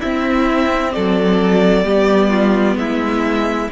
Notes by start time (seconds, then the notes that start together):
0.00 C4 E4 E5
0.92 F#3 A4 D5
1.83 G3 B3 G4
2.30 F4
2.75 G#3 E4 E5